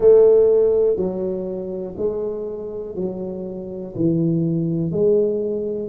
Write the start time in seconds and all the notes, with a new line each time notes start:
0.00 A3
0.96 F#3
1.97 G#3
2.95 F#3
3.95 E3
4.91 G#3